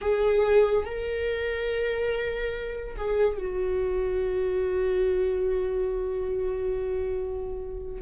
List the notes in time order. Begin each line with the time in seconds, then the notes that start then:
0.01 G#4
0.85 A#4
2.97 G#4
3.38 F#4